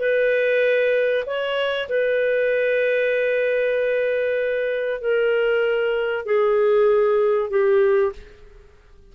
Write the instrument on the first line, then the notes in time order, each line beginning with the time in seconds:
clarinet
0.00 B4
1.26 C#5
1.89 B4
5.01 A#4
6.26 G#4
7.50 G4